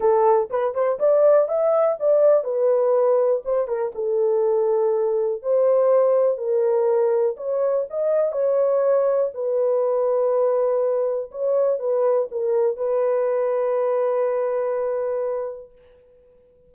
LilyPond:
\new Staff \with { instrumentName = "horn" } { \time 4/4 \tempo 4 = 122 a'4 b'8 c''8 d''4 e''4 | d''4 b'2 c''8 ais'8 | a'2. c''4~ | c''4 ais'2 cis''4 |
dis''4 cis''2 b'4~ | b'2. cis''4 | b'4 ais'4 b'2~ | b'1 | }